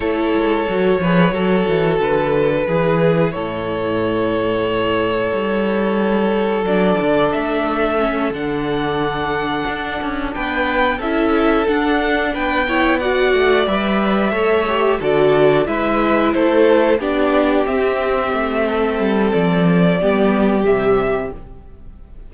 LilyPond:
<<
  \new Staff \with { instrumentName = "violin" } { \time 4/4 \tempo 4 = 90 cis''2. b'4~ | b'4 cis''2.~ | cis''2 d''4 e''4~ | e''8 fis''2. g''8~ |
g''8 e''4 fis''4 g''4 fis''8~ | fis''8 e''2 d''4 e''8~ | e''8 c''4 d''4 e''4.~ | e''4 d''2 e''4 | }
  \new Staff \with { instrumentName = "violin" } { \time 4/4 a'4. b'8 a'2 | gis'4 a'2.~ | a'1~ | a'2.~ a'8 b'8~ |
b'8 a'2 b'8 cis''8 d''8~ | d''4. cis''4 a'4 b'8~ | b'8 a'4 g'2~ g'8 | a'2 g'2 | }
  \new Staff \with { instrumentName = "viola" } { \time 4/4 e'4 fis'8 gis'8 fis'2 | e'1~ | e'2 d'2 | cis'8 d'2.~ d'8~ |
d'8 e'4 d'4. e'8 fis'8~ | fis'8 b'4 a'8 g'8 fis'4 e'8~ | e'4. d'4 c'4.~ | c'2 b4 g4 | }
  \new Staff \with { instrumentName = "cello" } { \time 4/4 a8 gis8 fis8 f8 fis8 e8 d4 | e4 a,2. | g2 fis8 d8 a4~ | a8 d2 d'8 cis'8 b8~ |
b8 cis'4 d'4 b4. | a8 g4 a4 d4 gis8~ | gis8 a4 b4 c'4 a8~ | a8 g8 f4 g4 c4 | }
>>